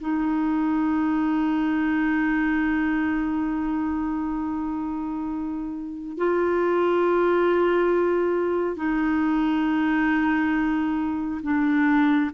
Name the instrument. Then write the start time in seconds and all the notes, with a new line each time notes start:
clarinet
0.00 D#4
6.17 F4
8.76 D#4
11.42 D4